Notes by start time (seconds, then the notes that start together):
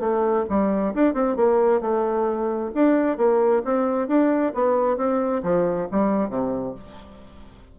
0.00 A3
0.49 G3
0.95 D4
1.14 C4
1.36 A#3
1.81 A3
2.75 D4
3.17 A#3
3.65 C4
4.08 D4
4.54 B3
4.97 C4
5.43 F3
5.91 G3
6.30 C3